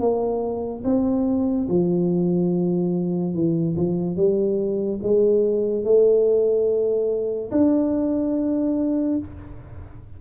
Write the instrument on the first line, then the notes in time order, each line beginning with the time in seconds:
tuba
0.00 A#3
0.85 C4
1.69 F3
3.35 E3
3.77 F3
4.17 G3
5.03 G#3
5.84 A3
7.52 D4